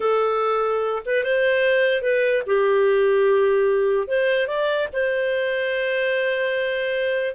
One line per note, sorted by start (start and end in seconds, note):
0.00 1.02 A4
1.05 1.23 B4
1.23 2.01 C5
2.01 2.42 B4
2.46 4.07 G4
4.07 4.47 C5
4.47 4.88 D5
4.92 7.35 C5